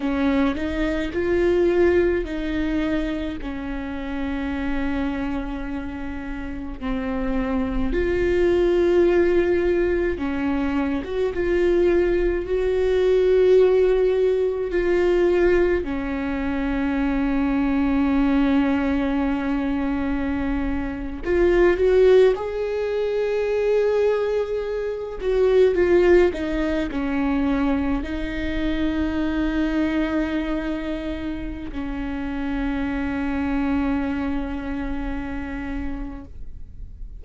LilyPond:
\new Staff \with { instrumentName = "viola" } { \time 4/4 \tempo 4 = 53 cis'8 dis'8 f'4 dis'4 cis'4~ | cis'2 c'4 f'4~ | f'4 cis'8. fis'16 f'4 fis'4~ | fis'4 f'4 cis'2~ |
cis'2~ cis'8. f'8 fis'8 gis'16~ | gis'2~ gis'16 fis'8 f'8 dis'8 cis'16~ | cis'8. dis'2.~ dis'16 | cis'1 | }